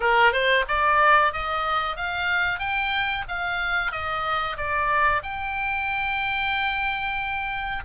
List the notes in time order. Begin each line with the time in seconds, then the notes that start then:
0.00 A#4
0.32 C5
0.68 D5
1.32 D#5
1.96 F5
2.59 G5
3.28 F5
3.91 D#5
4.57 D5
5.23 G5